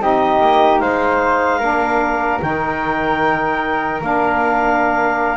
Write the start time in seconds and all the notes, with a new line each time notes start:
0.00 C4 D#4 G4 D#5
0.41 A#3
0.80 G#3 C5 F5
1.59 A#3 D4 A#4
2.42 D#3 D#4 G5
4.02 A#3 D4 F5